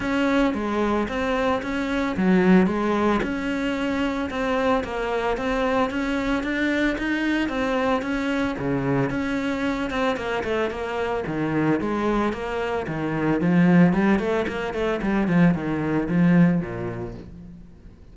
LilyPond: \new Staff \with { instrumentName = "cello" } { \time 4/4 \tempo 4 = 112 cis'4 gis4 c'4 cis'4 | fis4 gis4 cis'2 | c'4 ais4 c'4 cis'4 | d'4 dis'4 c'4 cis'4 |
cis4 cis'4. c'8 ais8 a8 | ais4 dis4 gis4 ais4 | dis4 f4 g8 a8 ais8 a8 | g8 f8 dis4 f4 ais,4 | }